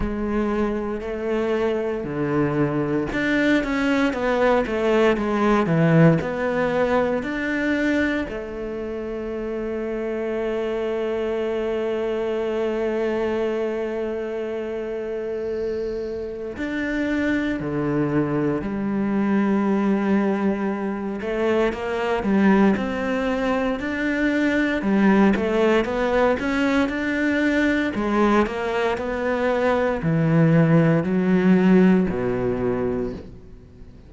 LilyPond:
\new Staff \with { instrumentName = "cello" } { \time 4/4 \tempo 4 = 58 gis4 a4 d4 d'8 cis'8 | b8 a8 gis8 e8 b4 d'4 | a1~ | a1 |
d'4 d4 g2~ | g8 a8 ais8 g8 c'4 d'4 | g8 a8 b8 cis'8 d'4 gis8 ais8 | b4 e4 fis4 b,4 | }